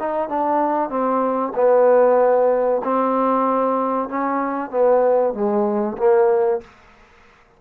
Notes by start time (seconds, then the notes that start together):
0.00 D#4
0.29 D4
0.90 C4
1.56 B3
2.84 C4
4.09 C#4
4.71 B3
5.34 G#3
5.98 A#3